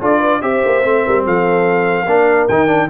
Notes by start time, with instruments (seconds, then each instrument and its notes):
0.00 tuba D4, trombone F4, horn A4, trumpet D5
0.19 horn B4
0.41 tuba C4, trombone G4, horn C5, trumpet E5
0.65 tuba A#3
0.82 tuba A3, trombone C4
1.04 tuba G3, horn A#4
1.25 tuba F3, horn A4, trumpet F5
2.05 tuba A#3, trombone D4, horn A#4
2.47 tuba D#3, trombone D#4, trumpet G5
2.67 trombone D4